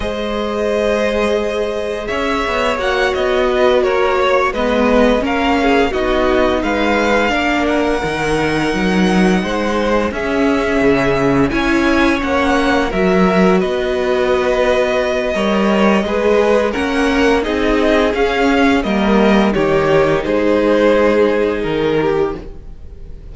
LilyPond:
<<
  \new Staff \with { instrumentName = "violin" } { \time 4/4 \tempo 4 = 86 dis''2. e''4 | fis''8 dis''4 cis''4 dis''4 f''8~ | f''8 dis''4 f''4. fis''4~ | fis''2~ fis''8 e''4.~ |
e''8 gis''4 fis''4 e''4 dis''8~ | dis''1 | fis''4 dis''4 f''4 dis''4 | cis''4 c''2 ais'4 | }
  \new Staff \with { instrumentName = "violin" } { \time 4/4 c''2. cis''4~ | cis''4 b'8 ais'8 cis''8 b'4 ais'8 | gis'8 fis'4 b'4 ais'4.~ | ais'4. c''4 gis'4.~ |
gis'8 cis''2 ais'4 b'8~ | b'2 cis''4 b'4 | ais'4 gis'2 ais'4 | g'4 gis'2~ gis'8 g'8 | }
  \new Staff \with { instrumentName = "viola" } { \time 4/4 gis'1 | fis'2~ fis'8 b4 cis'8~ | cis'8 dis'2 d'4 dis'8~ | dis'2~ dis'8 cis'4.~ |
cis'8 e'4 cis'4 fis'4.~ | fis'2 ais'4 gis'4 | cis'4 dis'4 cis'4 ais4 | dis'1 | }
  \new Staff \with { instrumentName = "cello" } { \time 4/4 gis2. cis'8 b8 | ais8 b4 ais4 gis4 ais8~ | ais8 b4 gis4 ais4 dis8~ | dis8 fis4 gis4 cis'4 cis8~ |
cis8 cis'4 ais4 fis4 b8~ | b2 g4 gis4 | ais4 c'4 cis'4 g4 | dis4 gis2 dis4 | }
>>